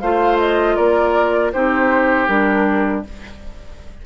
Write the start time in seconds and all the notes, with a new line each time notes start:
0.00 A3 F4 C5 F5
0.38 D#5
0.76 A#3 A#4 D5
1.52 C4 D#4 G4 C5
2.27 G3 D4 A#4